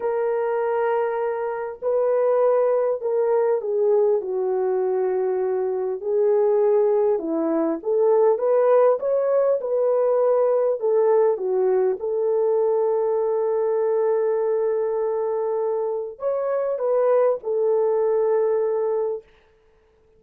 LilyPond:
\new Staff \with { instrumentName = "horn" } { \time 4/4 \tempo 4 = 100 ais'2. b'4~ | b'4 ais'4 gis'4 fis'4~ | fis'2 gis'2 | e'4 a'4 b'4 cis''4 |
b'2 a'4 fis'4 | a'1~ | a'2. cis''4 | b'4 a'2. | }